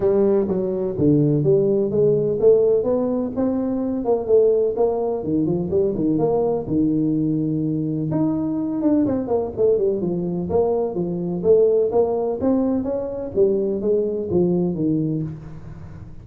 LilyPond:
\new Staff \with { instrumentName = "tuba" } { \time 4/4 \tempo 4 = 126 g4 fis4 d4 g4 | gis4 a4 b4 c'4~ | c'8 ais8 a4 ais4 dis8 f8 | g8 dis8 ais4 dis2~ |
dis4 dis'4. d'8 c'8 ais8 | a8 g8 f4 ais4 f4 | a4 ais4 c'4 cis'4 | g4 gis4 f4 dis4 | }